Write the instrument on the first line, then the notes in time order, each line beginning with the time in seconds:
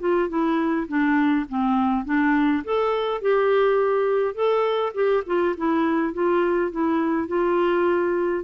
clarinet
0.00 F4
0.29 E4
0.88 D4
1.49 C4
2.05 D4
2.64 A4
3.22 G4
4.35 A4
4.95 G4
5.27 F4
5.57 E4
6.14 F4
6.72 E4
7.28 F4